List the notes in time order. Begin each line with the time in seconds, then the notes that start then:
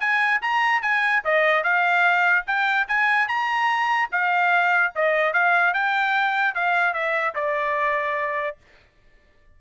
0.00 G#5
0.41 A#5
0.82 G#5
1.24 D#5
1.64 F5
2.47 G5
2.88 G#5
3.28 A#5
4.12 F5
4.95 D#5
5.33 F5
5.74 G5
6.55 F5
6.94 E5
7.35 D5